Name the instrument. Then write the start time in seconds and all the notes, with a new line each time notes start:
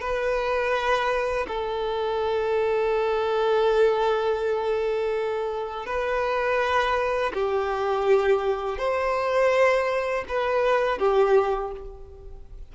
violin
0.00 B4
1.47 A4
5.86 B4
7.33 G4
8.78 C5
10.28 B4
10.98 G4